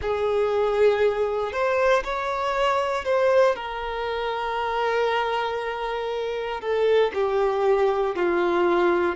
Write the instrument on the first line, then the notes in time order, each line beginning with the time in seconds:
violin
0.01 G#4
1.52 C5
2.03 C#5
3.04 C5
3.55 A#4
6.61 A4
7.14 G4
8.15 F4